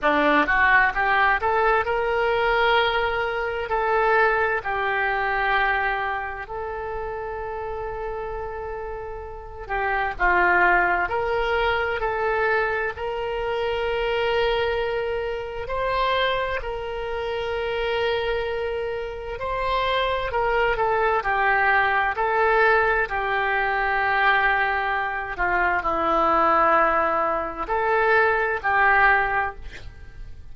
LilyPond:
\new Staff \with { instrumentName = "oboe" } { \time 4/4 \tempo 4 = 65 d'8 fis'8 g'8 a'8 ais'2 | a'4 g'2 a'4~ | a'2~ a'8 g'8 f'4 | ais'4 a'4 ais'2~ |
ais'4 c''4 ais'2~ | ais'4 c''4 ais'8 a'8 g'4 | a'4 g'2~ g'8 f'8 | e'2 a'4 g'4 | }